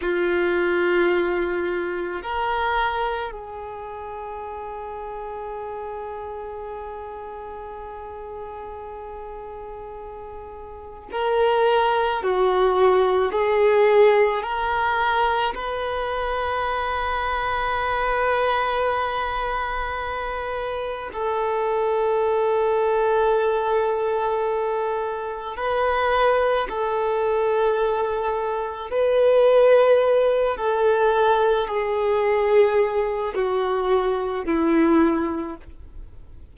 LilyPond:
\new Staff \with { instrumentName = "violin" } { \time 4/4 \tempo 4 = 54 f'2 ais'4 gis'4~ | gis'1~ | gis'2 ais'4 fis'4 | gis'4 ais'4 b'2~ |
b'2. a'4~ | a'2. b'4 | a'2 b'4. a'8~ | a'8 gis'4. fis'4 e'4 | }